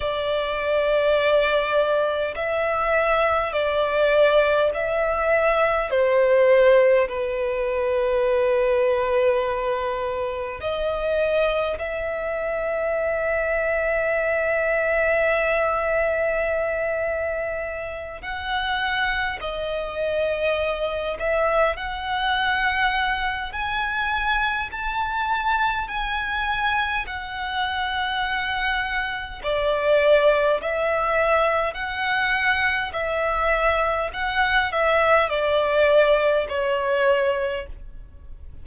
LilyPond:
\new Staff \with { instrumentName = "violin" } { \time 4/4 \tempo 4 = 51 d''2 e''4 d''4 | e''4 c''4 b'2~ | b'4 dis''4 e''2~ | e''2.~ e''8 fis''8~ |
fis''8 dis''4. e''8 fis''4. | gis''4 a''4 gis''4 fis''4~ | fis''4 d''4 e''4 fis''4 | e''4 fis''8 e''8 d''4 cis''4 | }